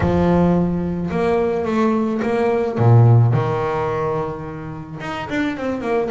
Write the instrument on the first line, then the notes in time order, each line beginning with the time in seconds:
double bass
0.00 F3
1.10 A#3
1.65 A3
2.22 A#3
2.78 A#2
3.33 D#3
5.00 D#4
5.29 D4
5.57 C4
5.81 A#3